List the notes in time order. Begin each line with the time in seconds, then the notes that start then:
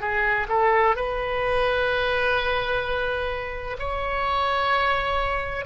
0.00 G#4
0.49 A4
0.96 B4
3.79 C#5